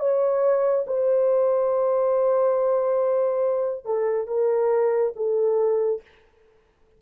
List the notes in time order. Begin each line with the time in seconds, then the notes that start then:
0.00 C#5
0.87 C5
3.86 A4
4.28 A#4
5.16 A4